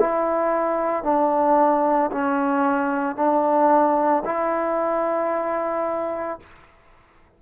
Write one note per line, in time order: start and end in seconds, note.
0.00 1.04 E4
1.04 2.11 D4
2.12 3.17 C#4
3.17 4.24 D4
4.26 6.40 E4